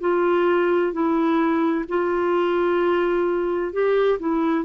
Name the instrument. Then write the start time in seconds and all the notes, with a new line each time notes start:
clarinet
0.00 F4
0.92 E4
1.88 F4
3.73 G4
4.19 E4